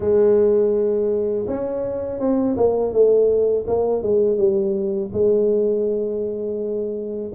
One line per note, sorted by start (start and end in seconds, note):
0.00 1.46 G#3
1.47 2.19 C#4
2.19 2.56 C4
2.56 2.92 A#3
2.92 3.66 A3
3.67 4.02 A#3
4.02 4.37 G#3
4.37 5.10 G3
5.12 7.32 G#3